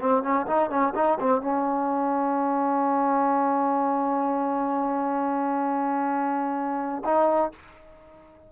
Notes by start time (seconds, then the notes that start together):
0.00 C4
0.23 C#4
0.47 D#4
0.70 C#4
0.95 D#4
1.20 C4
1.41 C#4
7.05 D#4